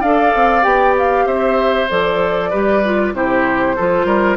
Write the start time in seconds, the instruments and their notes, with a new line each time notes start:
0.00 bassoon D4, clarinet A4, oboe D5, flute F5
0.34 bassoon C4
0.62 bassoon B3, clarinet G4, flute G5
0.98 flute F5
1.25 bassoon C4, oboe C5, flute E5
1.89 bassoon F3, clarinet A4, flute D5
2.50 bassoon G3, clarinet G4, oboe B4
2.84 clarinet F4
3.13 bassoon C3, clarinet E4, oboe G4, flute C5
3.76 bassoon F3, clarinet F4, oboe A4
4.05 bassoon G3, oboe A#4